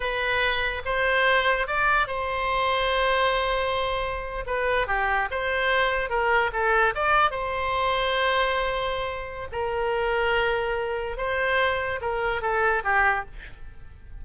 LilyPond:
\new Staff \with { instrumentName = "oboe" } { \time 4/4 \tempo 4 = 145 b'2 c''2 | d''4 c''2.~ | c''2~ c''8. b'4 g'16~ | g'8. c''2 ais'4 a'16~ |
a'8. d''4 c''2~ c''16~ | c''2. ais'4~ | ais'2. c''4~ | c''4 ais'4 a'4 g'4 | }